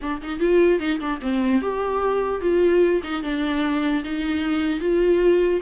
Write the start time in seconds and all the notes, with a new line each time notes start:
0.01 D4
0.22 D#4
0.39 F4
0.79 D#4
1.00 D4
1.21 C4
1.61 G4
2.41 F4
3.03 D#4
3.22 D4
4.03 D#4
4.80 F4